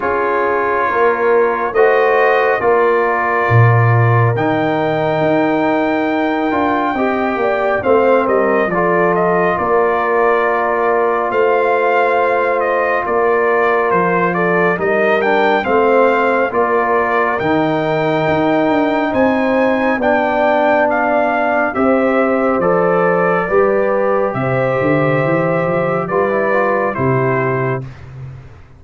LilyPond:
<<
  \new Staff \with { instrumentName = "trumpet" } { \time 4/4 \tempo 4 = 69 cis''2 dis''4 d''4~ | d''4 g''2.~ | g''4 f''8 dis''8 d''8 dis''8 d''4~ | d''4 f''4. dis''8 d''4 |
c''8 d''8 dis''8 g''8 f''4 d''4 | g''2 gis''4 g''4 | f''4 e''4 d''2 | e''2 d''4 c''4 | }
  \new Staff \with { instrumentName = "horn" } { \time 4/4 gis'4 ais'4 c''4 ais'4~ | ais'1 | dis''8 d''8 c''8 ais'8 a'4 ais'4~ | ais'4 c''2 ais'4~ |
ais'8 a'8 ais'4 c''4 ais'4~ | ais'2 c''4 d''4~ | d''4 c''2 b'4 | c''2 b'4 g'4 | }
  \new Staff \with { instrumentName = "trombone" } { \time 4/4 f'2 fis'4 f'4~ | f'4 dis'2~ dis'8 f'8 | g'4 c'4 f'2~ | f'1~ |
f'4 dis'8 d'8 c'4 f'4 | dis'2. d'4~ | d'4 g'4 a'4 g'4~ | g'2 f'16 e'16 f'8 e'4 | }
  \new Staff \with { instrumentName = "tuba" } { \time 4/4 cis'4 ais4 a4 ais4 | ais,4 dis4 dis'4. d'8 | c'8 ais8 a8 g8 f4 ais4~ | ais4 a2 ais4 |
f4 g4 a4 ais4 | dis4 dis'8 d'8 c'4 b4~ | b4 c'4 f4 g4 | c8 d8 e8 f8 g4 c4 | }
>>